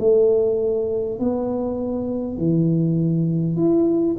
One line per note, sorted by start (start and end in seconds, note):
0.00 1.19 A3
1.19 2.38 B3
2.38 3.57 E3
3.57 4.17 E4